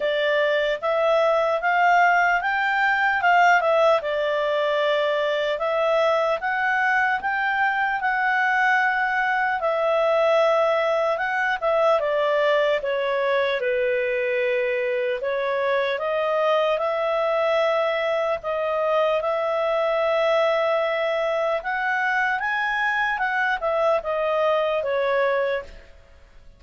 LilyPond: \new Staff \with { instrumentName = "clarinet" } { \time 4/4 \tempo 4 = 75 d''4 e''4 f''4 g''4 | f''8 e''8 d''2 e''4 | fis''4 g''4 fis''2 | e''2 fis''8 e''8 d''4 |
cis''4 b'2 cis''4 | dis''4 e''2 dis''4 | e''2. fis''4 | gis''4 fis''8 e''8 dis''4 cis''4 | }